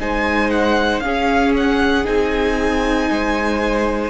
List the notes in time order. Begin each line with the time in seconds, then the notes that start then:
0.00 G#3 D#4 C5 G#5
0.50 F#5
1.00 C#4 G#4 F5
1.06 C#4
1.57 F#5
2.05 C4 D#4 G#5
3.10 G#3 C5